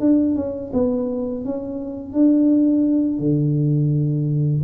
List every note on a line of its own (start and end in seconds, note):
0.00 0.36 D4
0.36 0.71 C#4
0.73 1.45 B3
1.45 2.13 C#4
2.13 3.19 D4
3.19 4.62 D3